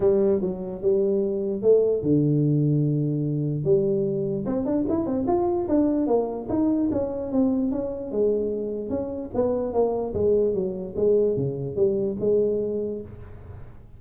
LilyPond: \new Staff \with { instrumentName = "tuba" } { \time 4/4 \tempo 4 = 148 g4 fis4 g2 | a4 d2.~ | d4 g2 c'8 d'8 | e'8 c'8 f'4 d'4 ais4 |
dis'4 cis'4 c'4 cis'4 | gis2 cis'4 b4 | ais4 gis4 fis4 gis4 | cis4 g4 gis2 | }